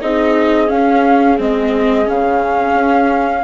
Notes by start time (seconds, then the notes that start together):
0.00 C4 D#4 G#4 D#5
0.67 C#4 F5
1.38 G#3 C4 D#5
2.05 C#3 C#4 F5
2.74 C#4